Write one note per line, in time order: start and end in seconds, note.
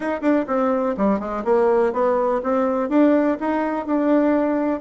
0.00 0.21 D#4
0.21 0.45 D4
0.47 0.95 C4
0.97 1.19 G3
1.19 1.43 G#3
1.44 1.92 A#3
1.92 2.41 B3
2.43 2.89 C4
2.89 3.37 D4
3.39 3.86 D#4
3.86 4.80 D4